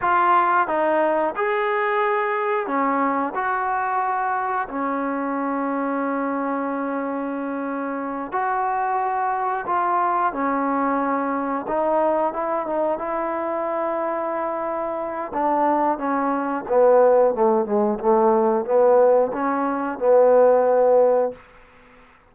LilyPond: \new Staff \with { instrumentName = "trombone" } { \time 4/4 \tempo 4 = 90 f'4 dis'4 gis'2 | cis'4 fis'2 cis'4~ | cis'1~ | cis'8 fis'2 f'4 cis'8~ |
cis'4. dis'4 e'8 dis'8 e'8~ | e'2. d'4 | cis'4 b4 a8 gis8 a4 | b4 cis'4 b2 | }